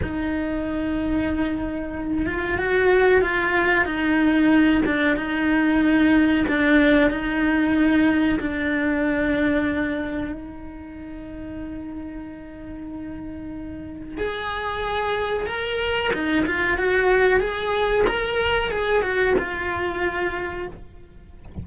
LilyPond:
\new Staff \with { instrumentName = "cello" } { \time 4/4 \tempo 4 = 93 dis'2.~ dis'8 f'8 | fis'4 f'4 dis'4. d'8 | dis'2 d'4 dis'4~ | dis'4 d'2. |
dis'1~ | dis'2 gis'2 | ais'4 dis'8 f'8 fis'4 gis'4 | ais'4 gis'8 fis'8 f'2 | }